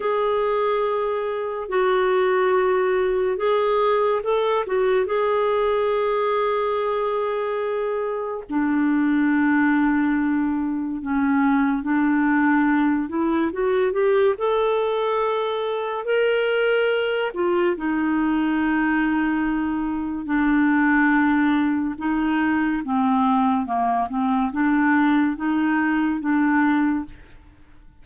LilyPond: \new Staff \with { instrumentName = "clarinet" } { \time 4/4 \tempo 4 = 71 gis'2 fis'2 | gis'4 a'8 fis'8 gis'2~ | gis'2 d'2~ | d'4 cis'4 d'4. e'8 |
fis'8 g'8 a'2 ais'4~ | ais'8 f'8 dis'2. | d'2 dis'4 c'4 | ais8 c'8 d'4 dis'4 d'4 | }